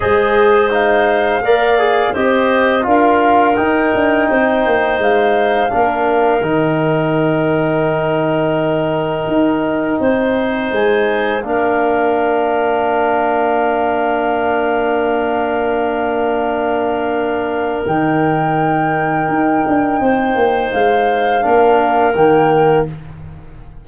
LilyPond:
<<
  \new Staff \with { instrumentName = "flute" } { \time 4/4 \tempo 4 = 84 dis''4 f''2 dis''4 | f''4 g''2 f''4~ | f''4 g''2.~ | g''2. gis''4 |
f''1~ | f''1~ | f''4 g''2.~ | g''4 f''2 g''4 | }
  \new Staff \with { instrumentName = "clarinet" } { \time 4/4 c''2 d''4 c''4 | ais'2 c''2 | ais'1~ | ais'2 c''2 |
ais'1~ | ais'1~ | ais'1 | c''2 ais'2 | }
  \new Staff \with { instrumentName = "trombone" } { \time 4/4 gis'4 dis'4 ais'8 gis'8 g'4 | f'4 dis'2. | d'4 dis'2.~ | dis'1 |
d'1~ | d'1~ | d'4 dis'2.~ | dis'2 d'4 ais4 | }
  \new Staff \with { instrumentName = "tuba" } { \time 4/4 gis2 ais4 c'4 | d'4 dis'8 d'8 c'8 ais8 gis4 | ais4 dis2.~ | dis4 dis'4 c'4 gis4 |
ais1~ | ais1~ | ais4 dis2 dis'8 d'8 | c'8 ais8 gis4 ais4 dis4 | }
>>